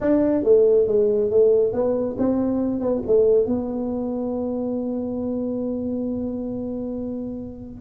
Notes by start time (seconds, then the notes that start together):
0.00 D4
0.43 A3
0.87 G#3
1.30 A3
1.73 B3
2.18 C4
2.80 B3
3.07 A3
3.46 B3